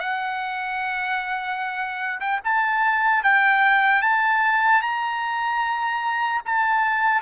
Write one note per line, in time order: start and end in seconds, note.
0.00 2.20 F#5
2.20 2.40 G5
2.44 3.23 A5
3.23 4.02 G5
4.02 4.82 A5
4.82 6.42 A#5
6.45 7.21 A5